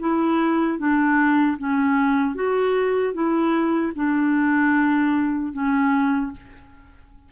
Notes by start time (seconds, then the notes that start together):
0.00 E4
0.79 D4
1.59 C#4
2.35 F#4
3.14 E4
3.96 D4
5.53 C#4